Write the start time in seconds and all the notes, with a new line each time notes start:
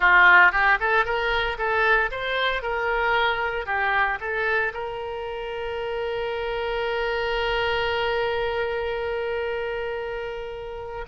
0.00 F4
0.51 G4
0.80 A4
1.05 A#4
1.57 A4
2.11 C5
2.62 A#4
3.66 G4
4.20 A4
4.73 A#4